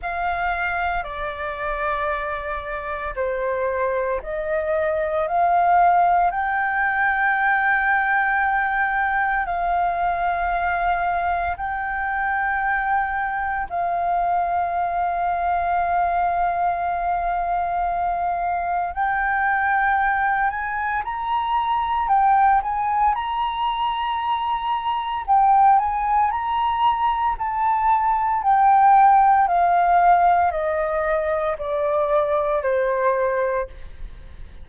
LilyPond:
\new Staff \with { instrumentName = "flute" } { \time 4/4 \tempo 4 = 57 f''4 d''2 c''4 | dis''4 f''4 g''2~ | g''4 f''2 g''4~ | g''4 f''2.~ |
f''2 g''4. gis''8 | ais''4 g''8 gis''8 ais''2 | g''8 gis''8 ais''4 a''4 g''4 | f''4 dis''4 d''4 c''4 | }